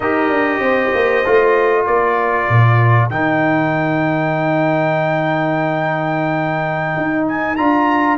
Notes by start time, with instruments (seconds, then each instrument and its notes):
0.00 tuba D#4, trombone G4, horn A#4, trumpet D#5
0.28 tuba D4
0.59 tuba C4, horn C5
0.94 tuba A#3
1.25 tuba A3, trombone F4
1.85 tuba A#3, horn A#4, trumpet D5
2.48 tuba A#2
3.09 tuba D#3, trombone D#4, trumpet G5
6.97 tuba D#4
7.27 trumpet G#5
7.55 tuba D4, trombone F4, trumpet A#5